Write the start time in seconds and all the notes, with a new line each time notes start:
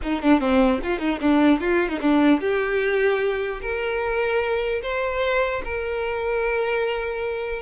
0.02 D#4
0.22 D4
0.40 C4
0.83 F4
0.98 D#4
1.20 D4
1.60 F4
1.88 D#4
2.01 D4
2.40 G4
3.61 A#4
4.82 C5
5.64 A#4